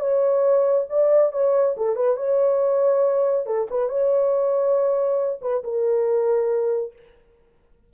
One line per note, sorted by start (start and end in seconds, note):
0.00 0.86 C#5
0.89 1.32 D5
1.32 1.75 C#5
1.77 1.96 A4
1.96 2.17 B4
2.17 3.46 C#5
3.46 3.68 A4
3.70 3.89 B4
3.89 5.40 C#5
5.41 5.63 B4
5.64 6.93 A#4